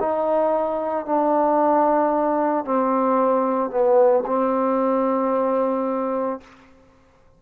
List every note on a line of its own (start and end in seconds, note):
0.00 1.06 D#4
1.06 2.65 D4
2.65 3.71 C4
3.71 4.24 B3
4.27 6.41 C4